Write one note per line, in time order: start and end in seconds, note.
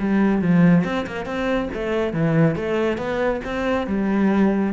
0.00 0.42 G3
0.42 0.85 F3
0.85 1.06 C4
1.07 1.26 A#3
1.26 1.69 C4
1.74 2.13 A3
2.13 2.56 E3
2.56 2.98 A3
2.98 3.41 B3
3.45 3.87 C4
3.87 4.73 G3